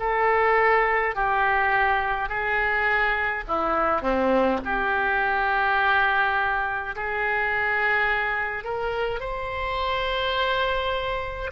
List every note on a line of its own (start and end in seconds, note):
0.00 1.15 A4
1.15 2.29 G4
2.29 3.45 G#4
3.48 4.02 E4
4.02 4.60 C4
4.65 6.96 G4
6.96 8.65 G#4
8.65 9.20 A#4
9.20 11.51 C5